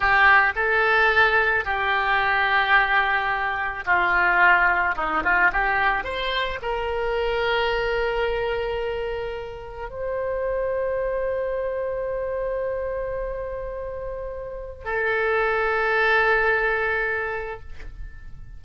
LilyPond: \new Staff \with { instrumentName = "oboe" } { \time 4/4 \tempo 4 = 109 g'4 a'2 g'4~ | g'2. f'4~ | f'4 dis'8 f'8 g'4 c''4 | ais'1~ |
ais'2 c''2~ | c''1~ | c''2. a'4~ | a'1 | }